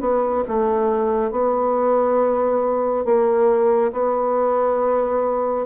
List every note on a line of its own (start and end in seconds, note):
0.00 0.43 B3
0.47 1.31 A3
1.31 3.05 B3
3.05 3.92 A#3
3.92 5.66 B3